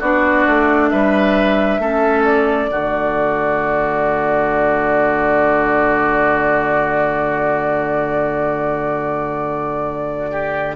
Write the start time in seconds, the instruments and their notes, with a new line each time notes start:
0.00 bassoon B3, clarinet D4, oboe F#4, flute D5
0.47 bassoon A3
0.90 bassoon G3, oboe B4, flute E5
1.79 bassoon A3, clarinet C#4, oboe A4
2.25 flute D5
2.70 bassoon D3, clarinet A3, oboe F#4
10.32 oboe G4